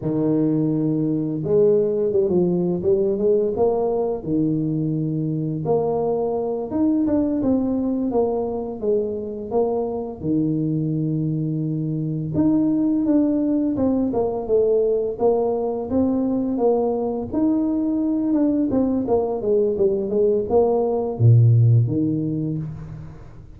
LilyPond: \new Staff \with { instrumentName = "tuba" } { \time 4/4 \tempo 4 = 85 dis2 gis4 g16 f8. | g8 gis8 ais4 dis2 | ais4. dis'8 d'8 c'4 ais8~ | ais8 gis4 ais4 dis4.~ |
dis4. dis'4 d'4 c'8 | ais8 a4 ais4 c'4 ais8~ | ais8 dis'4. d'8 c'8 ais8 gis8 | g8 gis8 ais4 ais,4 dis4 | }